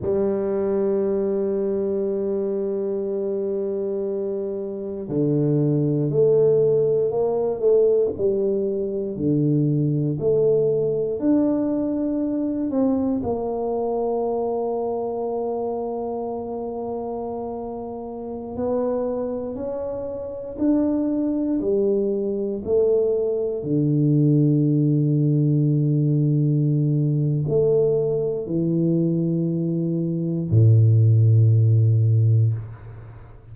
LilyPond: \new Staff \with { instrumentName = "tuba" } { \time 4/4 \tempo 4 = 59 g1~ | g4 d4 a4 ais8 a8 | g4 d4 a4 d'4~ | d'8 c'8 ais2.~ |
ais2~ ais16 b4 cis'8.~ | cis'16 d'4 g4 a4 d8.~ | d2. a4 | e2 a,2 | }